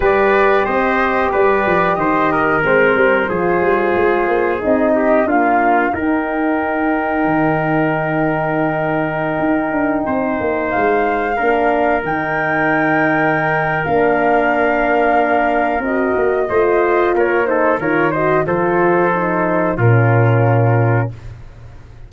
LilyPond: <<
  \new Staff \with { instrumentName = "flute" } { \time 4/4 \tempo 4 = 91 d''4 dis''4 d''4 dis''4 | c''2. dis''4 | f''4 g''2.~ | g''1~ |
g''16 f''2 g''4.~ g''16~ | g''4 f''2. | dis''2 cis''8 c''8 cis''8 dis''8 | c''2 ais'2 | }
  \new Staff \with { instrumentName = "trumpet" } { \time 4/4 b'4 c''4 b'4 c''8 ais'8~ | ais'4 gis'2~ gis'8 g'8 | f'4 ais'2.~ | ais'2.~ ais'16 c''8.~ |
c''4~ c''16 ais'2~ ais'8.~ | ais'1~ | ais'4 c''4 ais'8 a'8 ais'8 c''8 | a'2 f'2 | }
  \new Staff \with { instrumentName = "horn" } { \time 4/4 g'1 | c'4 f'2 dis'4 | ais4 dis'2.~ | dis'1~ |
dis'4~ dis'16 d'4 dis'4.~ dis'16~ | dis'4 d'2. | fis'4 f'4. dis'8 f'8 fis'8 | f'4 dis'4 cis'2 | }
  \new Staff \with { instrumentName = "tuba" } { \time 4/4 g4 c'4 g8 f8 dis4 | gis8 g8 f8 g8 gis8 ais8 c'4 | d'4 dis'2 dis4~ | dis2~ dis16 dis'8 d'8 c'8 ais16~ |
ais16 gis4 ais4 dis4.~ dis16~ | dis4 ais2. | c'8 ais8 a4 ais4 dis4 | f2 ais,2 | }
>>